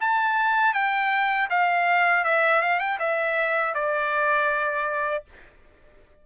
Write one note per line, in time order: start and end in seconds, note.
0.00 0.73 A5
0.73 1.48 G5
1.50 2.24 F5
2.24 2.61 E5
2.61 2.79 F5
2.79 2.98 G5
2.99 3.74 E5
3.74 5.24 D5